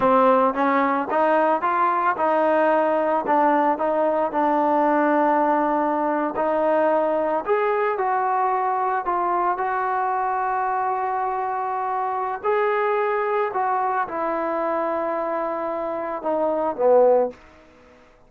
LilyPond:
\new Staff \with { instrumentName = "trombone" } { \time 4/4 \tempo 4 = 111 c'4 cis'4 dis'4 f'4 | dis'2 d'4 dis'4 | d'2.~ d'8. dis'16~ | dis'4.~ dis'16 gis'4 fis'4~ fis'16~ |
fis'8. f'4 fis'2~ fis'16~ | fis'2. gis'4~ | gis'4 fis'4 e'2~ | e'2 dis'4 b4 | }